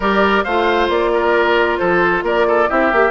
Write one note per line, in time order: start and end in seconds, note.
0.00 0.43 G3
0.00 0.46 G4
0.00 0.44 A#4
0.00 0.44 D5
0.44 0.88 A3
0.44 2.69 F4
0.44 1.11 C5
0.44 0.88 F5
0.88 1.78 A#3
0.88 1.77 D5
1.13 1.79 A#4
1.77 2.23 F3
1.77 2.24 A4
1.77 2.22 C5
2.23 2.67 A#3
2.23 2.46 A#4
2.23 2.70 D5
2.47 2.69 A4
2.69 2.92 C4
2.69 2.91 E4
2.69 3.10 G4
2.69 3.10 E5
2.92 3.10 A#3
2.92 3.10 G4